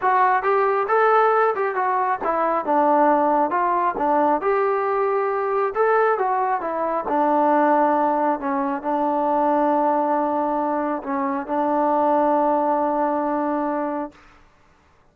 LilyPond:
\new Staff \with { instrumentName = "trombone" } { \time 4/4 \tempo 4 = 136 fis'4 g'4 a'4. g'8 | fis'4 e'4 d'2 | f'4 d'4 g'2~ | g'4 a'4 fis'4 e'4 |
d'2. cis'4 | d'1~ | d'4 cis'4 d'2~ | d'1 | }